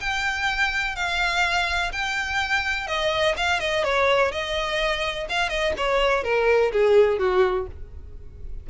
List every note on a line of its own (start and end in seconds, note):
0.00 0.95 G5
0.95 1.91 F5
1.92 2.87 G5
2.87 3.35 D#5
3.36 3.60 F5
3.60 3.83 D#5
3.83 4.31 C#5
4.31 5.27 D#5
5.29 5.49 F5
5.49 5.73 D#5
5.77 6.23 C#5
6.23 6.71 A#4
6.72 7.18 G#4
7.18 7.66 F#4